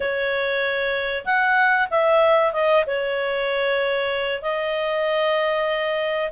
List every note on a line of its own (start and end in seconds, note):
0.00 1.25 C#5
1.25 1.88 F#5
1.90 2.53 E5
2.53 2.84 D#5
2.86 4.42 C#5
4.42 6.31 D#5